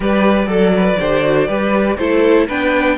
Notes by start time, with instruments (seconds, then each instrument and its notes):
0.00 cello G3, viola G4, violin B4 D5
0.46 cello F#3, viola A4, violin A4
0.76 violin B4
0.99 cello D3, viola G4, violin C5
1.23 viola F#4
1.47 cello G3, viola G4, violin B4
1.97 cello A3, viola E4, violin A4 C5
2.47 cello B3, viola D4, violin B4 G5